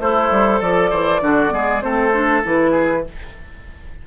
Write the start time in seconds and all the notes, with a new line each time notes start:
0.00 A3 E4 A4 C5
0.31 G3
0.60 F3 A4 D5
0.91 E3 C5
1.22 D3 D4 F#4
1.50 G#3 B3 G#4
1.81 A3 C4 A4 C5
2.13 D4
2.44 E3 E4 B4
2.71 G#4